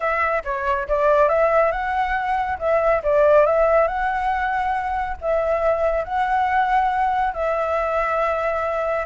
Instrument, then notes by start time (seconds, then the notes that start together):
flute
0.00 E5
0.44 C#5
0.88 D5
1.29 E5
1.71 F#5
2.58 E5
3.03 D5
3.46 E5
3.87 F#5
5.21 E5
6.04 F#5
7.33 E5